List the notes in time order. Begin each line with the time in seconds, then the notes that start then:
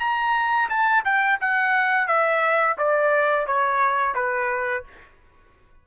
0.00 A#5
0.69 A5
1.04 G5
1.40 F#5
2.08 E5
2.78 D5
3.47 C#5
4.15 B4